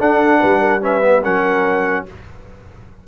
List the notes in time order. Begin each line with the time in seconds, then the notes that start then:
0.00 D4 A4 F#5
0.39 G3 B4
0.60 A#4
0.81 C#4 B4 E5
1.01 B3
1.23 F#3 C#4 A#4 F#5